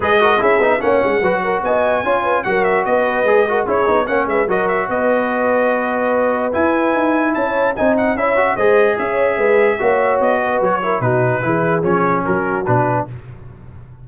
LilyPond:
<<
  \new Staff \with { instrumentName = "trumpet" } { \time 4/4 \tempo 4 = 147 dis''4 e''4 fis''2 | gis''2 fis''8 e''8 dis''4~ | dis''4 cis''4 fis''8 e''8 dis''8 e''8 | dis''1 |
gis''2 a''4 gis''8 fis''8 | e''4 dis''4 e''2~ | e''4 dis''4 cis''4 b'4~ | b'4 cis''4 ais'4 b'4 | }
  \new Staff \with { instrumentName = "horn" } { \time 4/4 b'8 ais'8 gis'4 cis''4 b'8 ais'8 | dis''4 cis''8 b'8 ais'4 b'4~ | b'8 ais'8 gis'4 cis''8 b'8 ais'4 | b'1~ |
b'2 cis''4 dis''4 | cis''4 c''4 cis''4 b'4 | cis''4. b'4 ais'8 fis'4 | gis'2 fis'2 | }
  \new Staff \with { instrumentName = "trombone" } { \time 4/4 gis'8 fis'8 e'8 dis'8 cis'4 fis'4~ | fis'4 f'4 fis'2 | gis'8 fis'8 e'8 dis'8 cis'4 fis'4~ | fis'1 |
e'2. dis'4 | e'8 fis'8 gis'2. | fis'2~ fis'8 e'8 dis'4 | e'4 cis'2 d'4 | }
  \new Staff \with { instrumentName = "tuba" } { \time 4/4 gis4 cis'8 b8 ais8 gis8 fis4 | b4 cis'4 fis4 b4 | gis4 cis'8 b8 ais8 gis8 fis4 | b1 |
e'4 dis'4 cis'4 c'4 | cis'4 gis4 cis'4 gis4 | ais4 b4 fis4 b,4 | e4 f4 fis4 b,4 | }
>>